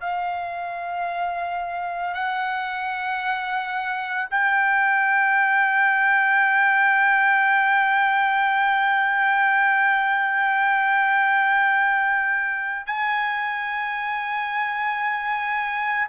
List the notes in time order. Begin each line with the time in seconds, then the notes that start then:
0.00 F5
2.14 F#5
4.31 G5
12.86 G#5